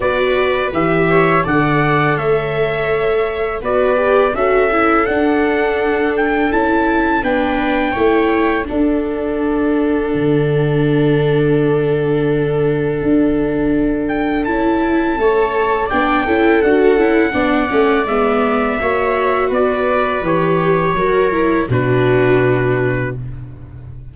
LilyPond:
<<
  \new Staff \with { instrumentName = "trumpet" } { \time 4/4 \tempo 4 = 83 d''4 e''4 fis''4 e''4~ | e''4 d''4 e''4 fis''4~ | fis''8 g''8 a''4 g''2 | fis''1~ |
fis''2.~ fis''8 g''8 | a''2 g''4 fis''4~ | fis''4 e''2 d''4 | cis''2 b'2 | }
  \new Staff \with { instrumentName = "viola" } { \time 4/4 b'4. cis''8 d''4 cis''4~ | cis''4 b'4 a'2~ | a'2 b'4 cis''4 | a'1~ |
a'1~ | a'4 cis''4 d''8 a'4. | d''2 cis''4 b'4~ | b'4 ais'4 fis'2 | }
  \new Staff \with { instrumentName = "viola" } { \time 4/4 fis'4 g'4 a'2~ | a'4 fis'8 g'8 fis'8 e'8 d'4~ | d'4 e'4 d'4 e'4 | d'1~ |
d'1 | e'4 a'4 d'8 e'8 fis'8 e'8 | d'8 cis'8 b4 fis'2 | g'4 fis'8 e'8 d'2 | }
  \new Staff \with { instrumentName = "tuba" } { \time 4/4 b4 e4 d4 a4~ | a4 b4 cis'4 d'4~ | d'4 cis'4 b4 a4 | d'2 d2~ |
d2 d'2 | cis'4 a4 b8 cis'8 d'8 cis'8 | b8 a8 gis4 ais4 b4 | e4 fis4 b,2 | }
>>